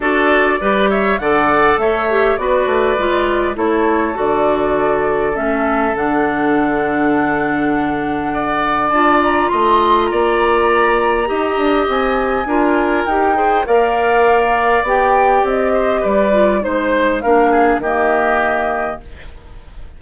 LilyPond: <<
  \new Staff \with { instrumentName = "flute" } { \time 4/4 \tempo 4 = 101 d''4. e''8 fis''4 e''4 | d''2 cis''4 d''4~ | d''4 e''4 fis''2~ | fis''2. a''8 ais''8 |
c'''4 ais''2. | gis''2 g''4 f''4~ | f''4 g''4 dis''4 d''4 | c''4 f''4 dis''2 | }
  \new Staff \with { instrumentName = "oboe" } { \time 4/4 a'4 b'8 cis''8 d''4 cis''4 | b'2 a'2~ | a'1~ | a'2 d''2 |
dis''4 d''2 dis''4~ | dis''4 ais'4. c''8 d''4~ | d''2~ d''8 c''8 b'4 | c''4 ais'8 gis'8 g'2 | }
  \new Staff \with { instrumentName = "clarinet" } { \time 4/4 fis'4 g'4 a'4. g'8 | fis'4 f'4 e'4 fis'4~ | fis'4 cis'4 d'2~ | d'2. f'4~ |
f'2. g'4~ | g'4 f'4 g'8 gis'8 ais'4~ | ais'4 g'2~ g'8 f'8 | dis'4 d'4 ais2 | }
  \new Staff \with { instrumentName = "bassoon" } { \time 4/4 d'4 g4 d4 a4 | b8 a8 gis4 a4 d4~ | d4 a4 d2~ | d2. d'4 |
a4 ais2 dis'8 d'8 | c'4 d'4 dis'4 ais4~ | ais4 b4 c'4 g4 | gis4 ais4 dis2 | }
>>